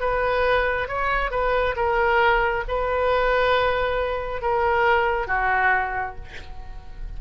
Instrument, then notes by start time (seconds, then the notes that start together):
oboe
0.00 B4
0.88 C#5
1.31 B4
1.76 A#4
2.68 B4
4.41 A#4
5.27 F#4